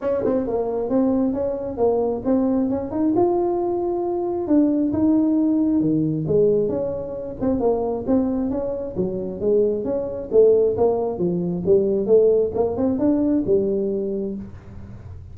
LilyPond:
\new Staff \with { instrumentName = "tuba" } { \time 4/4 \tempo 4 = 134 cis'8 c'8 ais4 c'4 cis'4 | ais4 c'4 cis'8 dis'8 f'4~ | f'2 d'4 dis'4~ | dis'4 dis4 gis4 cis'4~ |
cis'8 c'8 ais4 c'4 cis'4 | fis4 gis4 cis'4 a4 | ais4 f4 g4 a4 | ais8 c'8 d'4 g2 | }